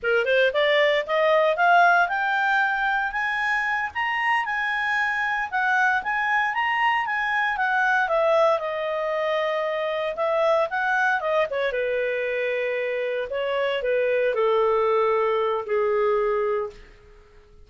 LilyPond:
\new Staff \with { instrumentName = "clarinet" } { \time 4/4 \tempo 4 = 115 ais'8 c''8 d''4 dis''4 f''4 | g''2 gis''4. ais''8~ | ais''8 gis''2 fis''4 gis''8~ | gis''8 ais''4 gis''4 fis''4 e''8~ |
e''8 dis''2. e''8~ | e''8 fis''4 dis''8 cis''8 b'4.~ | b'4. cis''4 b'4 a'8~ | a'2 gis'2 | }